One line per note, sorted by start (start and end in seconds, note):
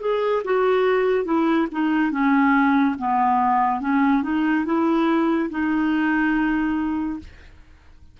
0.00 0.42 G#4
0.44 1.24 F#4
1.24 1.67 E4
1.71 2.11 D#4
2.11 2.95 C#4
2.98 3.80 B3
3.80 4.23 C#4
4.23 4.65 D#4
4.65 5.49 E4
5.50 7.19 D#4